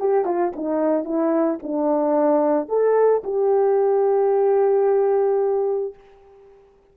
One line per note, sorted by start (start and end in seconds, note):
0.00 0.26 G4
0.26 0.53 F4
0.56 1.05 D#4
1.05 1.59 E4
1.63 2.69 D4
2.69 3.23 A4
3.25 5.95 G4